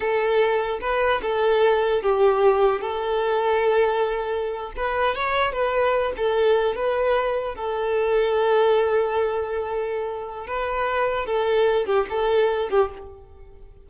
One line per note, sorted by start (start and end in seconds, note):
0.00 0.79 A4
0.80 1.21 B4
1.22 2.02 A4
2.02 2.81 G4
2.81 4.72 A4
4.76 5.15 B4
5.15 5.52 C#5
5.52 6.12 B4
6.16 6.75 A4
6.75 7.55 B4
7.55 10.46 A4
10.46 11.26 B4
11.26 11.86 A4
11.86 12.06 G4
12.09 12.69 A4
12.69 12.89 G4